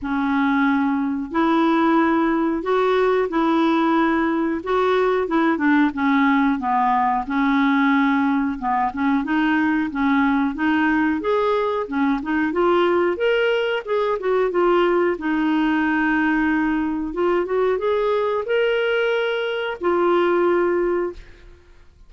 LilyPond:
\new Staff \with { instrumentName = "clarinet" } { \time 4/4 \tempo 4 = 91 cis'2 e'2 | fis'4 e'2 fis'4 | e'8 d'8 cis'4 b4 cis'4~ | cis'4 b8 cis'8 dis'4 cis'4 |
dis'4 gis'4 cis'8 dis'8 f'4 | ais'4 gis'8 fis'8 f'4 dis'4~ | dis'2 f'8 fis'8 gis'4 | ais'2 f'2 | }